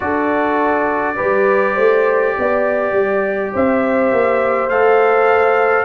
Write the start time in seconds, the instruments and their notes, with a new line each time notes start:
0.00 tuba D4, trombone F#4, horn A4, trumpet D5
1.16 tuba G3, trombone G4, horn B4
1.75 tuba A3, horn C5
2.38 tuba B3, horn D5
2.92 tuba G3
3.53 tuba C4, horn C5, trumpet E5
4.12 tuba A#3
4.69 tuba A3, trombone A4, trumpet F5